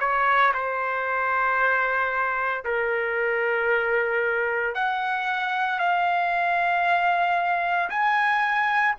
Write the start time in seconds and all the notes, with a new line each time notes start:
0.00 C#5
0.54 C5
2.64 A#4
4.75 F#5
5.79 F5
7.90 G#5